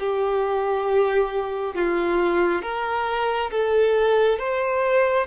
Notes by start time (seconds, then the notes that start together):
0.00 G4
1.75 F4
2.62 A#4
3.51 A4
4.39 C5